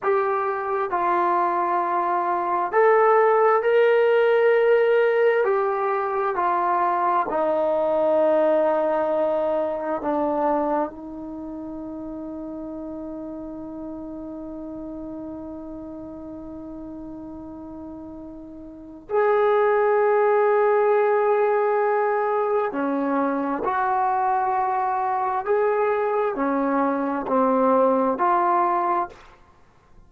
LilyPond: \new Staff \with { instrumentName = "trombone" } { \time 4/4 \tempo 4 = 66 g'4 f'2 a'4 | ais'2 g'4 f'4 | dis'2. d'4 | dis'1~ |
dis'1~ | dis'4 gis'2.~ | gis'4 cis'4 fis'2 | gis'4 cis'4 c'4 f'4 | }